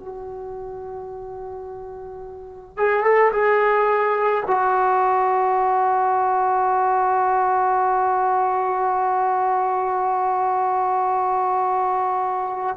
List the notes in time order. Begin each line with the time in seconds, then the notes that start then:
0.00 F#4
2.77 G#4
3.04 A4
3.32 G#4
4.47 F#4